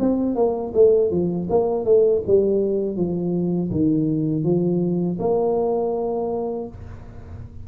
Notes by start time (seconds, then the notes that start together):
0.00 C4
0.35 A#3
0.74 A3
1.11 F3
1.50 A#3
1.85 A3
2.27 G3
2.97 F3
3.71 D#3
4.44 F3
5.20 A#3